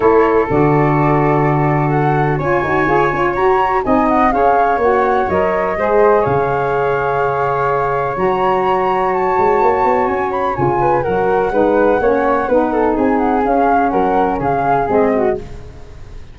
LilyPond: <<
  \new Staff \with { instrumentName = "flute" } { \time 4/4 \tempo 4 = 125 cis''4 d''2. | fis''4 gis''2 ais''4 | gis''8 fis''8 f''4 fis''4 dis''4~ | dis''4 f''2.~ |
f''4 ais''2 a''4~ | a''4 gis''8 b''8 gis''4 fis''4~ | fis''2. gis''8 fis''8 | f''4 fis''4 f''4 dis''4 | }
  \new Staff \with { instrumentName = "flute" } { \time 4/4 a'1~ | a'4 cis''2. | dis''4 cis''2. | c''4 cis''2.~ |
cis''1~ | cis''2~ cis''8 b'8 ais'4 | b'4 cis''4 b'8 a'8 gis'4~ | gis'4 ais'4 gis'4. fis'8 | }
  \new Staff \with { instrumentName = "saxophone" } { \time 4/4 e'4 fis'2.~ | fis'4 f'8 fis'8 gis'8 f'8 fis'4 | dis'4 gis'4 fis'4 ais'4 | gis'1~ |
gis'4 fis'2.~ | fis'2 f'4 fis'4 | dis'4 cis'4 dis'2 | cis'2. c'4 | }
  \new Staff \with { instrumentName = "tuba" } { \time 4/4 a4 d2.~ | d4 cis'8 dis'8 f'8 cis'8 fis'4 | c'4 cis'4 ais4 fis4 | gis4 cis2.~ |
cis4 fis2~ fis8 gis8 | ais8 b8 cis'4 cis4 fis4 | gis4 ais4 b4 c'4 | cis'4 fis4 cis4 gis4 | }
>>